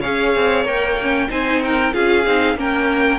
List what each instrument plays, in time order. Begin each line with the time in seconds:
0.00 cello C#4, viola G#4, violin C#5 F5
0.35 cello C4
0.65 cello A#3, viola A#4, violin G5
1.01 viola C#4
1.28 cello C4, viola D#4, violin C5 G#5
1.63 violin A#4 G5
1.92 cello C#4, viola F4, violin G#4 F5
2.26 cello C4, viola D#4
2.55 cello A#3, viola C#4, violin A#4 G5